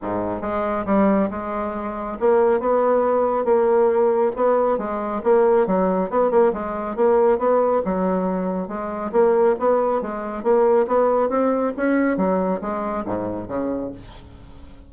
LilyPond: \new Staff \with { instrumentName = "bassoon" } { \time 4/4 \tempo 4 = 138 gis,4 gis4 g4 gis4~ | gis4 ais4 b2 | ais2 b4 gis4 | ais4 fis4 b8 ais8 gis4 |
ais4 b4 fis2 | gis4 ais4 b4 gis4 | ais4 b4 c'4 cis'4 | fis4 gis4 gis,4 cis4 | }